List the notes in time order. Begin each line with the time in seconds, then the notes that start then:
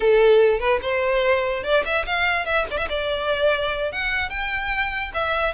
0.00 A4
0.59 B4
0.82 C5
1.63 D5
1.85 E5
2.06 F5
2.45 E5
2.70 D5
2.77 E5
2.89 D5
3.92 F#5
4.29 G5
5.14 E5